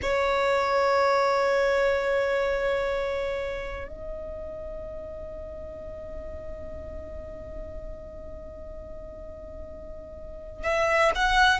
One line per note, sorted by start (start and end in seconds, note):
0.02 3.87 C#5
3.87 10.63 D#5
10.63 11.11 E5
11.15 11.59 F#5